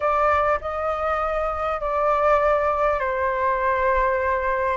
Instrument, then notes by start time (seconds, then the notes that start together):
flute
0.00 D5
0.61 D#5
1.80 D5
2.99 C5